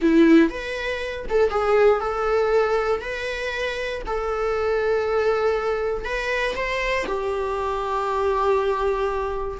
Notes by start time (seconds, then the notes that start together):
0.01 E4
0.50 B4
1.29 A4
1.49 G#4
2.00 A4
3.01 B4
4.06 A4
6.05 B4
6.55 C5
7.06 G4